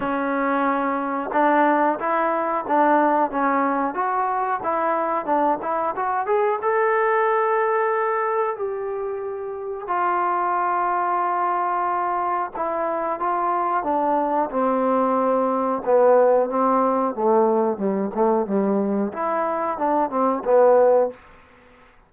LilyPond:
\new Staff \with { instrumentName = "trombone" } { \time 4/4 \tempo 4 = 91 cis'2 d'4 e'4 | d'4 cis'4 fis'4 e'4 | d'8 e'8 fis'8 gis'8 a'2~ | a'4 g'2 f'4~ |
f'2. e'4 | f'4 d'4 c'2 | b4 c'4 a4 g8 a8 | g4 e'4 d'8 c'8 b4 | }